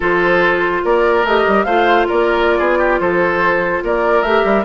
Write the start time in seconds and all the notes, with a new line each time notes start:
0.00 F3 F4 A4 C5
0.84 A#3 A#4 D5
1.23 A3 G4 D#5
1.47 G3
1.64 A3 F4 C5 F5
2.08 A#3 A#4 D5
2.58 B3 G#4
2.78 G4
3.00 F3 A4 C5
3.83 A#3 A#4 D5
4.22 A3 G4 E5
4.44 G3